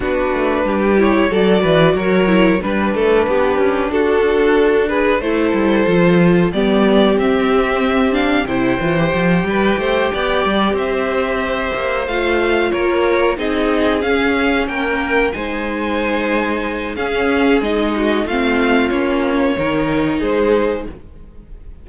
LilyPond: <<
  \new Staff \with { instrumentName = "violin" } { \time 4/4 \tempo 4 = 92 b'4. cis''8 d''4 cis''4 | b'2 a'4. b'8 | c''2 d''4 e''4~ | e''8 f''8 g''2.~ |
g''8 e''2 f''4 cis''8~ | cis''8 dis''4 f''4 g''4 gis''8~ | gis''2 f''4 dis''4 | f''4 cis''2 c''4 | }
  \new Staff \with { instrumentName = "violin" } { \time 4/4 fis'4 g'4 a'8 b'8 ais'4 | b'8 a'8 g'4 fis'4. gis'8 | a'2 g'2~ | g'4 c''4. b'8 c''8 d''8~ |
d''8 c''2. ais'8~ | ais'8 gis'2 ais'4 c''8~ | c''2 gis'4. fis'8 | f'2 ais'4 gis'4 | }
  \new Staff \with { instrumentName = "viola" } { \time 4/4 d'4. e'8 fis'4. e'8 | d'1 | e'4 f'4 b4 c'4~ | c'8 d'8 e'8 f'16 g'2~ g'16~ |
g'2~ g'8 f'4.~ | f'8 dis'4 cis'2 dis'8~ | dis'2 cis'4 dis'4 | c'4 cis'4 dis'2 | }
  \new Staff \with { instrumentName = "cello" } { \time 4/4 b8 a8 g4 fis8 e8 fis4 | g8 a8 b8 cis'8 d'2 | a8 g8 f4 g4 c'4~ | c'4 c8 e8 f8 g8 a8 b8 |
g8 c'4. ais8 a4 ais8~ | ais8 c'4 cis'4 ais4 gis8~ | gis2 cis'4 gis4 | a4 ais4 dis4 gis4 | }
>>